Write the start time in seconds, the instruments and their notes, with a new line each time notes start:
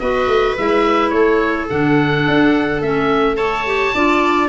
0.00 tuba B3, clarinet F#4, viola B4, oboe D#5
0.27 tuba A3
0.57 tuba G#3, clarinet E4, oboe E5
1.10 tuba A3, viola A4, oboe C#5
1.69 tuba D3, clarinet D4, oboe F#5
2.28 tuba D4
2.81 tuba A3, clarinet C#4, oboe E5
3.36 clarinet A4, viola C#5, oboe A5
3.66 clarinet G4
3.95 tuba D4, clarinet F4, viola D5